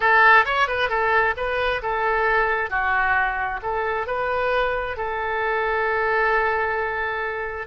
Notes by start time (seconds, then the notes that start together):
0.00 A4
0.45 C#5
0.67 B4
0.89 A4
1.36 B4
1.82 A4
2.70 F#4
3.62 A4
4.06 B4
4.96 A4